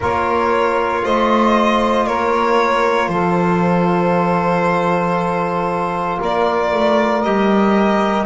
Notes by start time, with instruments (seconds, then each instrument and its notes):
0.00 double bass A#3, trombone F4, saxophone A#4, violin C#5
1.03 double bass A3, saxophone C5, violin D#5
2.06 double bass A#3, saxophone A#4, violin C#5
3.08 double bass F3, saxophone A4, violin C5
6.19 double bass A#3, saxophone A#4, violin D5
6.73 double bass A3
7.23 double bass G3, trombone G4, violin D#5